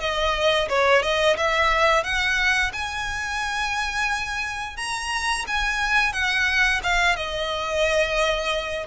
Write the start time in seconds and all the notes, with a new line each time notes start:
0.00 D#5
0.69 C#5
1.02 D#5
1.37 E5
2.03 F#5
2.73 G#5
4.77 A#5
5.47 G#5
6.13 F#5
6.83 F5
7.16 D#5